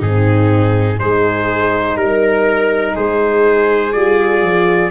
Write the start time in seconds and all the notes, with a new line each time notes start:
0.00 G#2 C4 D#4 G#4
1.00 G#3 D#4 G#4 C5
1.96 G3 A#4
2.95 G#3 G#4 C5
3.93 G3 F4 D5
4.42 F3